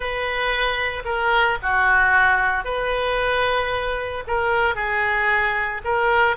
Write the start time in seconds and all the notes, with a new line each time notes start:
0.00 B4
1.05 A#4
1.62 F#4
2.64 B4
4.27 A#4
4.75 G#4
5.84 A#4